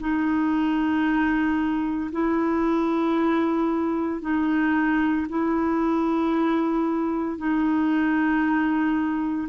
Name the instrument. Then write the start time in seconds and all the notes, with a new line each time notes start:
clarinet
0.00 D#4
2.11 E4
4.21 D#4
5.29 E4
7.38 D#4